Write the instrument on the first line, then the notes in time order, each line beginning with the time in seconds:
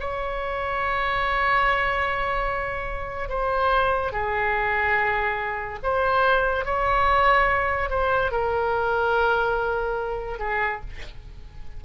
oboe
0.00 C#5
3.29 C5
4.12 G#4
5.83 C5
6.66 C#5
7.90 C5
8.31 A#4
10.39 G#4